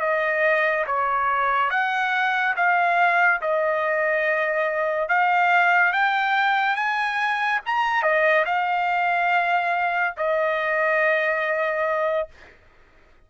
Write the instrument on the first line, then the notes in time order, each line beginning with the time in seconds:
trumpet
0.00 D#5
0.86 C#5
1.70 F#5
2.56 F5
3.41 D#5
5.08 F5
5.92 G5
6.75 G#5
7.65 A#5
8.02 D#5
8.45 F5
10.17 D#5